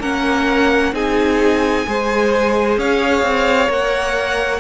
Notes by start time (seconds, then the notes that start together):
0.00 A#3 C#4 A#4 F#5
0.92 C4 D#4 G#4 G#5
1.86 G#3 G#4 C5
2.77 C#4 C#5 F5
3.22 C4
3.68 A#3 A#4 F#5